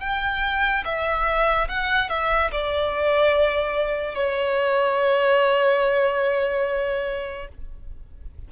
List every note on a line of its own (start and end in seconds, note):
0.00 0.83 G5
0.84 1.68 E5
1.68 2.09 F#5
2.09 2.51 E5
2.52 4.14 D5
4.14 7.48 C#5